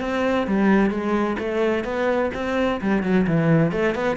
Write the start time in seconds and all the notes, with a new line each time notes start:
0.00 C4
0.47 G3
0.90 G#3
1.38 A3
1.84 B3
2.34 C4
2.81 G3
3.03 F#3
3.27 E3
3.71 A3
3.95 B3